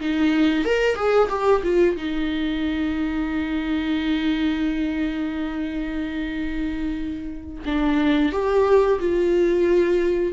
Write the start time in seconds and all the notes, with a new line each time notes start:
0.00 D#4
0.65 A#4
0.95 G#4
1.29 G4
1.63 F4
1.97 D#4
7.65 D4
8.32 G4
8.99 F4